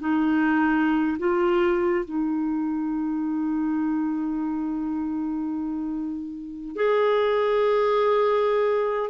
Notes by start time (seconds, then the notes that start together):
0.00 D#4
1.19 F4
2.05 D#4
6.76 G#4